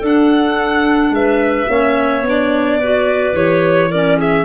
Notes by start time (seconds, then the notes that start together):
0.00 D4 A4
0.06 F#5
1.10 G#3 B4 E5
1.68 A#3 C#4 C#5
2.22 B3 D4
2.29 D5
2.78 F#4 B4
3.33 E3 G4 C#5
3.90 C#4 A#4 D5
4.18 G#4 E5